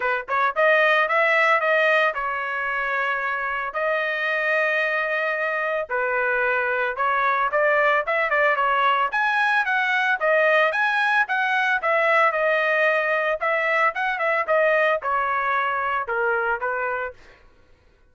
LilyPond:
\new Staff \with { instrumentName = "trumpet" } { \time 4/4 \tempo 4 = 112 b'8 cis''8 dis''4 e''4 dis''4 | cis''2. dis''4~ | dis''2. b'4~ | b'4 cis''4 d''4 e''8 d''8 |
cis''4 gis''4 fis''4 dis''4 | gis''4 fis''4 e''4 dis''4~ | dis''4 e''4 fis''8 e''8 dis''4 | cis''2 ais'4 b'4 | }